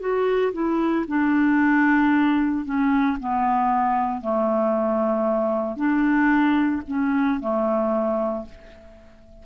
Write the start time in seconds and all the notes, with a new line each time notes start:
0.00 F#4
0.53 E4
1.08 D4
2.65 C#4
3.20 B3
4.21 A3
5.77 D4
6.88 C#4
7.41 A3